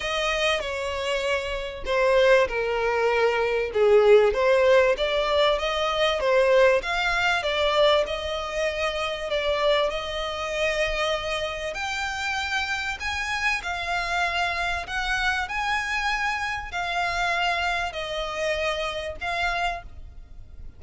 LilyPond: \new Staff \with { instrumentName = "violin" } { \time 4/4 \tempo 4 = 97 dis''4 cis''2 c''4 | ais'2 gis'4 c''4 | d''4 dis''4 c''4 f''4 | d''4 dis''2 d''4 |
dis''2. g''4~ | g''4 gis''4 f''2 | fis''4 gis''2 f''4~ | f''4 dis''2 f''4 | }